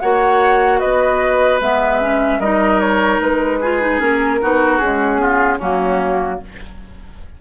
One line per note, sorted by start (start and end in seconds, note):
0.00 0.82 A#3
0.00 1.61 F#4
0.00 0.79 C#5
0.00 0.79 F#5
0.79 1.60 B3
0.79 2.39 B4
0.79 1.59 D#5
1.60 2.39 G#3
1.60 2.01 B3
1.60 2.40 E5
2.01 2.41 C#4
2.39 3.19 G3
2.39 3.62 D#4
2.39 3.60 A#4
2.39 2.80 D#5
2.80 3.20 C#5
3.20 4.00 G#3
3.20 4.01 B4
3.61 3.81 F4
3.61 4.41 G#4
3.81 3.99 D#4
3.99 4.40 A#3
3.99 4.39 C#4
3.99 4.78 A#4
4.42 4.79 B3
4.42 4.82 D#4
4.42 5.21 F#4
4.78 5.18 G#3
4.78 5.60 C#4
4.78 5.58 G#4
5.18 5.58 B3
5.18 5.58 F4
5.58 6.41 F#3
5.58 6.41 A#3
5.58 6.38 C#4
5.58 6.40 F#4